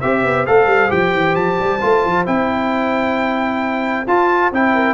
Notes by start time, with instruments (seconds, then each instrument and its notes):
0.00 tuba C4, trombone G4, horn C5, trumpet E5
0.24 tuba B3
0.46 tuba A3, trombone A4, trumpet F5
0.66 tuba G3
0.89 tuba F3, trombone G4, trumpet G5
1.13 tuba E3
1.35 tuba F3, trumpet A5
1.59 tuba G3
1.81 tuba A3, trombone F4
2.05 tuba F3
2.26 tuba C4, trombone E4, trumpet G5
4.07 tuba F4, trombone F4, trumpet A5
4.52 tuba C4, trombone E4, trumpet G5
4.74 horn A#4